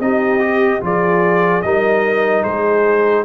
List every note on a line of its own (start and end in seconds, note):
0.00 0.81 C4
0.00 0.40 D#4
0.00 0.84 G4
0.00 0.82 D#5
0.40 0.80 G4
0.80 1.64 F3
0.80 1.61 F4
0.80 1.65 G#4
0.80 1.62 D5
1.62 2.45 G3
1.62 3.25 D#4
1.62 2.43 A#4
1.62 2.43 D#5
2.43 3.25 G#3
2.43 3.24 G#4
2.43 3.25 C5